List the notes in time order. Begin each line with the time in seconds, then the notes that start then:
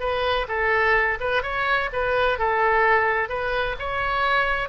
0.00 B4
0.48 A4
1.20 B4
1.43 C#5
1.93 B4
2.39 A4
3.29 B4
3.79 C#5